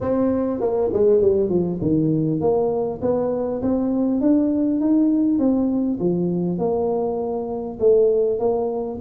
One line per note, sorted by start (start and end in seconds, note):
0.01 0.60 C4
0.60 0.90 A#3
0.93 1.21 G#3
1.21 1.49 G3
1.49 1.79 F3
1.81 2.40 D#3
2.40 3.00 A#3
3.01 3.61 B3
3.62 4.20 C4
4.20 4.80 D4
4.80 5.38 D#4
5.38 5.98 C4
5.99 6.58 F3
6.58 7.78 A#3
7.79 8.39 A3
8.39 8.99 A#3